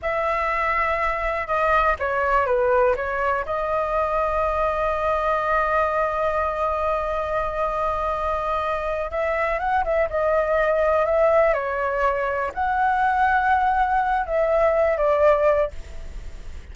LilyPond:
\new Staff \with { instrumentName = "flute" } { \time 4/4 \tempo 4 = 122 e''2. dis''4 | cis''4 b'4 cis''4 dis''4~ | dis''1~ | dis''1~ |
dis''2~ dis''8 e''4 fis''8 | e''8 dis''2 e''4 cis''8~ | cis''4. fis''2~ fis''8~ | fis''4 e''4. d''4. | }